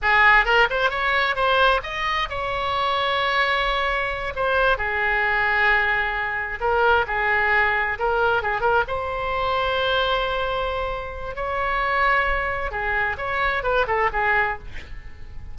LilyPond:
\new Staff \with { instrumentName = "oboe" } { \time 4/4 \tempo 4 = 132 gis'4 ais'8 c''8 cis''4 c''4 | dis''4 cis''2.~ | cis''4. c''4 gis'4.~ | gis'2~ gis'8 ais'4 gis'8~ |
gis'4. ais'4 gis'8 ais'8 c''8~ | c''1~ | c''4 cis''2. | gis'4 cis''4 b'8 a'8 gis'4 | }